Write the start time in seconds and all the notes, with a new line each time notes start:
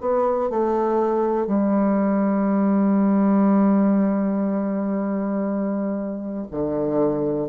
0.00 B3
0.50 A3
1.47 G3
6.51 D3